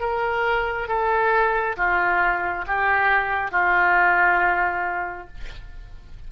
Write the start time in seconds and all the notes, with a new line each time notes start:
0.00 A#4
0.88 A4
1.77 F4
2.67 G4
3.51 F4